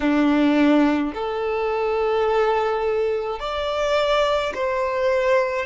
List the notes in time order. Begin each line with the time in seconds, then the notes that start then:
0.00 D4
1.14 A4
3.40 D5
4.54 C5